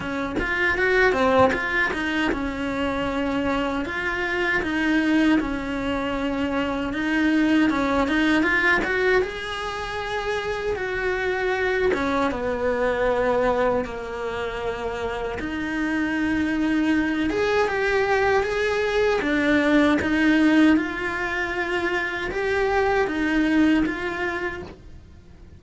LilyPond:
\new Staff \with { instrumentName = "cello" } { \time 4/4 \tempo 4 = 78 cis'8 f'8 fis'8 c'8 f'8 dis'8 cis'4~ | cis'4 f'4 dis'4 cis'4~ | cis'4 dis'4 cis'8 dis'8 f'8 fis'8 | gis'2 fis'4. cis'8 |
b2 ais2 | dis'2~ dis'8 gis'8 g'4 | gis'4 d'4 dis'4 f'4~ | f'4 g'4 dis'4 f'4 | }